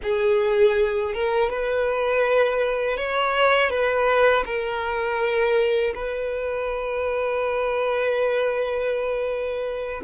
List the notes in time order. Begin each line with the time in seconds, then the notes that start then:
0.02 G#4
1.13 A#4
1.49 B4
2.97 C#5
3.69 B4
4.45 A#4
5.94 B4